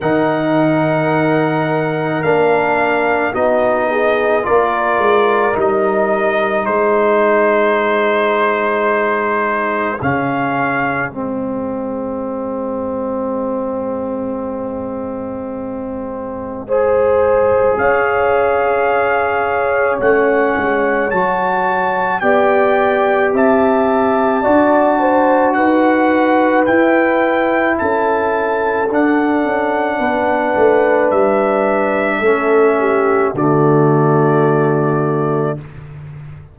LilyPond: <<
  \new Staff \with { instrumentName = "trumpet" } { \time 4/4 \tempo 4 = 54 fis''2 f''4 dis''4 | d''4 dis''4 c''2~ | c''4 f''4 dis''2~ | dis''1 |
f''2 fis''4 a''4 | g''4 a''2 fis''4 | g''4 a''4 fis''2 | e''2 d''2 | }
  \new Staff \with { instrumentName = "horn" } { \time 4/4 ais'2. fis'8 gis'8 | ais'2 gis'2~ | gis'1~ | gis'2. c''4 |
cis''1 | d''4 e''4 d''8 c''8 b'4~ | b'4 a'2 b'4~ | b'4 a'8 g'8 fis'2 | }
  \new Staff \with { instrumentName = "trombone" } { \time 4/4 dis'2 d'4 dis'4 | f'4 dis'2.~ | dis'4 cis'4 c'2~ | c'2. gis'4~ |
gis'2 cis'4 fis'4 | g'2 fis'2 | e'2 d'2~ | d'4 cis'4 a2 | }
  \new Staff \with { instrumentName = "tuba" } { \time 4/4 dis2 ais4 b4 | ais8 gis8 g4 gis2~ | gis4 cis4 gis2~ | gis1 |
cis'2 a8 gis8 fis4 | b4 c'4 d'4 dis'4 | e'4 cis'4 d'8 cis'8 b8 a8 | g4 a4 d2 | }
>>